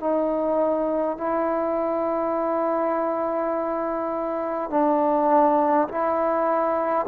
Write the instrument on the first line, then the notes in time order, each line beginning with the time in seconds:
trombone
0.00 D#4
1.18 E4
4.70 D4
5.88 E4